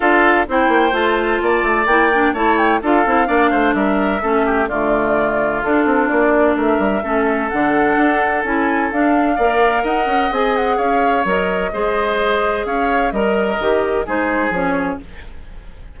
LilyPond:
<<
  \new Staff \with { instrumentName = "flute" } { \time 4/4 \tempo 4 = 128 f''4 g''4 a''2 | g''4 a''8 g''8 f''2 | e''2 d''2 | a'4 d''4 e''2 |
fis''2 gis''4 f''4~ | f''4 fis''4 gis''8 fis''8 f''4 | dis''2. f''4 | dis''2 c''4 cis''4 | }
  \new Staff \with { instrumentName = "oboe" } { \time 4/4 a'4 c''2 d''4~ | d''4 cis''4 a'4 d''8 c''8 | ais'4 a'8 g'8 f'2~ | f'2 ais'4 a'4~ |
a'1 | d''4 dis''2 cis''4~ | cis''4 c''2 cis''4 | ais'2 gis'2 | }
  \new Staff \with { instrumentName = "clarinet" } { \time 4/4 f'4 e'4 f'2 | e'8 d'8 e'4 f'8 e'8 d'4~ | d'4 cis'4 a2 | d'2. cis'4 |
d'2 e'4 d'4 | ais'2 gis'2 | ais'4 gis'2. | ais'4 g'4 dis'4 cis'4 | }
  \new Staff \with { instrumentName = "bassoon" } { \time 4/4 d'4 c'8 ais8 a4 ais8 a8 | ais4 a4 d'8 c'8 ais8 a8 | g4 a4 d2 | d'8 c'8 ais4 a8 g8 a4 |
d4 d'4 cis'4 d'4 | ais4 dis'8 cis'8 c'4 cis'4 | fis4 gis2 cis'4 | g4 dis4 gis4 f4 | }
>>